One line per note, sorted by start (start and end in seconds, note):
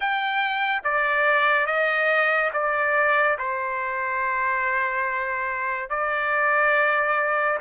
0.00 0.81 G5
0.83 1.66 D5
1.66 2.50 D#5
2.53 3.37 D5
3.38 5.89 C5
5.89 7.58 D5